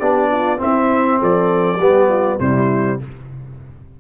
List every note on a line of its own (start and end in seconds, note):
0.00 0.61 B3
0.00 0.58 D4
0.00 0.30 G4
0.00 0.60 D5
0.32 0.59 F4
0.58 1.78 C4
0.58 1.22 C4
0.58 1.19 E4
0.58 1.22 E5
1.19 1.79 F3
1.19 1.79 A4
1.19 2.40 D5
1.79 2.39 G3
1.79 2.41 B3
1.79 2.09 G4
2.09 2.39 F4
2.40 3.00 C3
2.40 3.00 G3
2.40 3.00 E4
2.40 3.00 C5